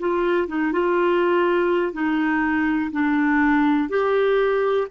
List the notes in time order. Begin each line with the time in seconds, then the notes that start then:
0.00 F4
0.48 D#4
0.72 F4
1.93 D#4
2.92 D4
3.89 G4